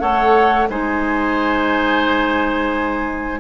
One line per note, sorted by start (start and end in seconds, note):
0.00 0.69 A3
0.00 0.68 A4
0.00 0.69 C#5
0.00 0.68 F#5
0.69 3.40 G#3
0.69 3.40 D#4
0.69 3.40 C5
0.69 3.40 G#5